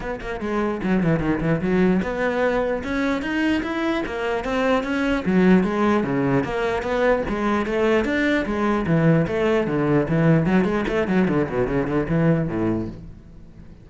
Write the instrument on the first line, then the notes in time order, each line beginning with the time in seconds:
cello
0.00 B3
0.20 A#3
0.40 G#3
0.83 F#3
1.03 E3
1.19 D#3
1.40 E3
1.61 F#3
2.02 B3
2.83 C#4
3.22 D#4
3.62 E4
4.06 A#3
4.44 C4
4.83 C#4
5.25 F#3
5.63 G#3
6.03 C#3
6.44 A#3
6.82 B3
7.28 G#3
7.66 A3
8.04 D4
8.45 G#3
8.86 E3
9.27 A3
9.67 D3
10.08 E3
10.46 F#3
10.64 G#3
10.87 A3
11.07 F#3
11.28 D3
11.49 B2
11.67 C#3
11.87 D3
12.08 E3
12.47 A2